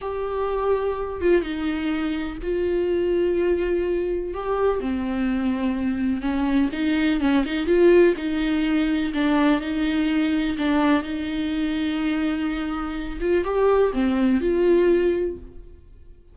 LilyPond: \new Staff \with { instrumentName = "viola" } { \time 4/4 \tempo 4 = 125 g'2~ g'8 f'8 dis'4~ | dis'4 f'2.~ | f'4 g'4 c'2~ | c'4 cis'4 dis'4 cis'8 dis'8 |
f'4 dis'2 d'4 | dis'2 d'4 dis'4~ | dis'2.~ dis'8 f'8 | g'4 c'4 f'2 | }